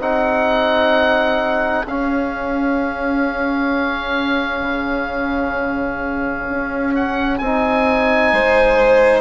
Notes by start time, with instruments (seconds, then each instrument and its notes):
0.00 bassoon C4, trombone D#4, violin G#4, oboe F#5
1.86 bassoon C#4, trombone C#4, oboe F5
4.62 bassoon C#3
6.49 bassoon C#4
6.95 oboe F#5
7.39 bassoon C4, trombone D#4, oboe G#5
8.33 bassoon G#3, violin C5